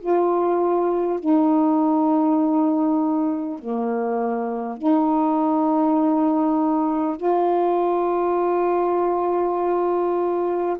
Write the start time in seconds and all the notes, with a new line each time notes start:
0.00 F4
1.20 D#4
3.59 A#3
4.78 D#4
7.17 F4